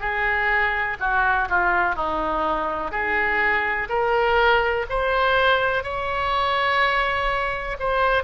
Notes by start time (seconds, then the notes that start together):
0.00 G#4
0.99 F#4
1.49 F4
1.95 D#4
2.91 G#4
3.89 A#4
4.89 C5
5.83 C#5
7.79 C5